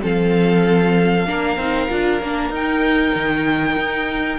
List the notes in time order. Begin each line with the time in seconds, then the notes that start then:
0.00 F3 C4 A4 F5
1.26 A#3 D4 A#4
1.56 C4 D#4
1.89 D4 F4
2.21 A#3 D4
2.49 D#4 G5
3.15 D#3
3.76 D#4